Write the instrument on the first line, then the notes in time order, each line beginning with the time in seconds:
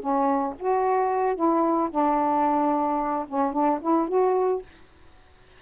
saxophone
0.00 C#4
0.59 F#4
1.36 E4
1.91 D4
3.28 C#4
3.53 D4
3.82 E4
4.09 F#4